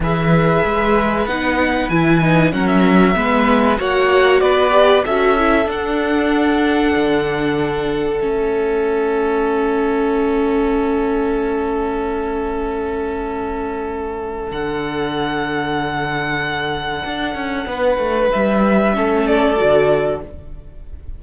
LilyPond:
<<
  \new Staff \with { instrumentName = "violin" } { \time 4/4 \tempo 4 = 95 e''2 fis''4 gis''4 | fis''16 e''4.~ e''16 fis''4 d''4 | e''4 fis''2.~ | fis''4 e''2.~ |
e''1~ | e''2. fis''4~ | fis''1~ | fis''4 e''4. d''4. | }
  \new Staff \with { instrumentName = "violin" } { \time 4/4 b'1 | ais'4 b'4 cis''4 b'4 | a'1~ | a'1~ |
a'1~ | a'1~ | a'1 | b'2 a'2 | }
  \new Staff \with { instrumentName = "viola" } { \time 4/4 gis'2 dis'4 e'8 dis'8 | cis'4 b4 fis'4. g'8 | fis'8 e'8 d'2.~ | d'4 cis'2.~ |
cis'1~ | cis'2. d'4~ | d'1~ | d'2 cis'4 fis'4 | }
  \new Staff \with { instrumentName = "cello" } { \time 4/4 e4 gis4 b4 e4 | fis4 gis4 ais4 b4 | cis'4 d'2 d4~ | d4 a2.~ |
a1~ | a2. d4~ | d2. d'8 cis'8 | b8 a8 g4 a4 d4 | }
>>